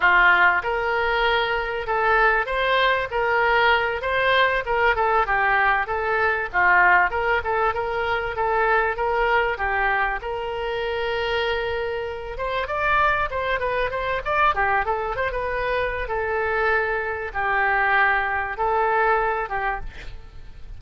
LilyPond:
\new Staff \with { instrumentName = "oboe" } { \time 4/4 \tempo 4 = 97 f'4 ais'2 a'4 | c''4 ais'4. c''4 ais'8 | a'8 g'4 a'4 f'4 ais'8 | a'8 ais'4 a'4 ais'4 g'8~ |
g'8 ais'2.~ ais'8 | c''8 d''4 c''8 b'8 c''8 d''8 g'8 | a'8 c''16 b'4~ b'16 a'2 | g'2 a'4. g'8 | }